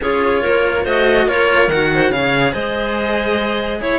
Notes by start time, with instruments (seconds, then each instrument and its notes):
0.00 cello C#4 F4, clarinet G#4, violin C#5
0.41 cello A#3, clarinet A#4
0.83 cello A3 F#4, clarinet C5, violin D#5
1.26 cello A#3 F4, clarinet A#4, violin C#5
1.68 cello D#3 F#4, violin F#5
1.94 clarinet C5
2.10 cello C#3 G#4, clarinet C#5, violin F5
2.52 cello G#3, clarinet C5, violin D#5
3.80 cello E4, clarinet C#5, violin C#5